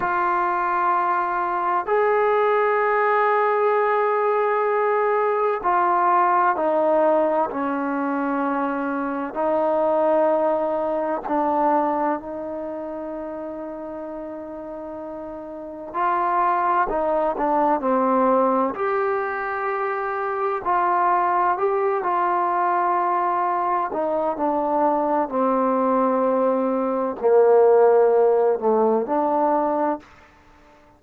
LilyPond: \new Staff \with { instrumentName = "trombone" } { \time 4/4 \tempo 4 = 64 f'2 gis'2~ | gis'2 f'4 dis'4 | cis'2 dis'2 | d'4 dis'2.~ |
dis'4 f'4 dis'8 d'8 c'4 | g'2 f'4 g'8 f'8~ | f'4. dis'8 d'4 c'4~ | c'4 ais4. a8 d'4 | }